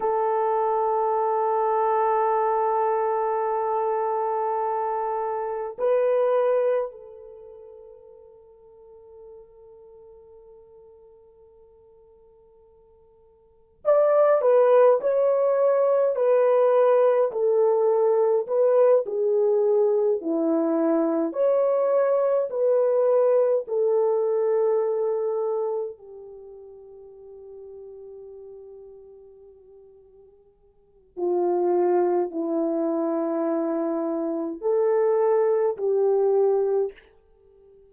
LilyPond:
\new Staff \with { instrumentName = "horn" } { \time 4/4 \tempo 4 = 52 a'1~ | a'4 b'4 a'2~ | a'1 | d''8 b'8 cis''4 b'4 a'4 |
b'8 gis'4 e'4 cis''4 b'8~ | b'8 a'2 g'4.~ | g'2. f'4 | e'2 a'4 g'4 | }